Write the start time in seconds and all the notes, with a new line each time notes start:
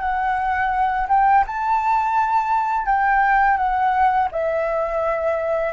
0.00 F#5
1.08 G5
1.47 A5
2.86 G5
3.57 F#5
4.31 E5